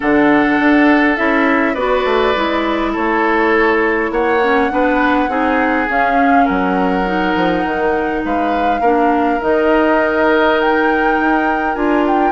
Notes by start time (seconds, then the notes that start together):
0.00 D3 D4 A4 F#5
0.59 D4
1.16 C#4 E4 E5
1.74 B3 F#4 B4 D5
2.04 A3
2.34 G#3 E4
2.92 A3 A4 C#5
4.11 A#3 C#5 F#5
4.41 C#4
4.70 B3 D4 B4
5.28 C4 D#4 G#4
5.88 C#4 F5
6.44 F#3 A#4 F#5
7.05 D#4
7.35 F3
7.64 D#3
8.24 G#3 B4 F5
8.80 A#3 D4 A#4
9.40 D#3 D#4 D#5
10.60 G5
11.19 D#4
11.74 D4 F4 G#5
12.07 G5